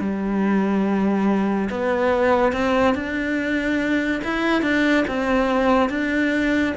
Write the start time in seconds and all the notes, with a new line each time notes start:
0.00 G3
1.70 B3
2.52 C4
2.95 D4
4.24 E4
4.62 D4
5.07 C4
5.89 D4